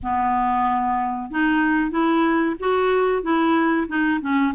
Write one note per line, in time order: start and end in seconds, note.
0.02 1.30 B3
1.30 1.91 D#4
1.91 2.55 E4
2.59 3.23 F#4
3.23 3.87 E4
3.88 4.20 D#4
4.21 4.53 C#4